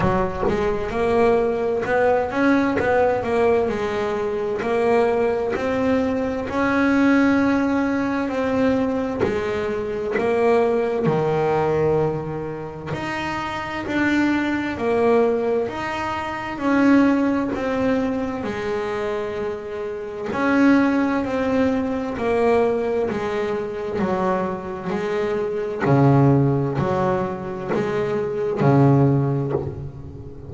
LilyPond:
\new Staff \with { instrumentName = "double bass" } { \time 4/4 \tempo 4 = 65 fis8 gis8 ais4 b8 cis'8 b8 ais8 | gis4 ais4 c'4 cis'4~ | cis'4 c'4 gis4 ais4 | dis2 dis'4 d'4 |
ais4 dis'4 cis'4 c'4 | gis2 cis'4 c'4 | ais4 gis4 fis4 gis4 | cis4 fis4 gis4 cis4 | }